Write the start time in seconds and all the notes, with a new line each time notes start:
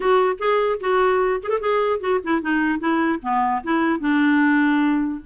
0.00 F#4
0.39 G#4
0.80 F#4
1.43 G#4
1.49 A4
1.60 G#4
2.00 F#4
2.23 E4
2.41 D#4
2.79 E4
3.22 B3
3.63 E4
4.00 D4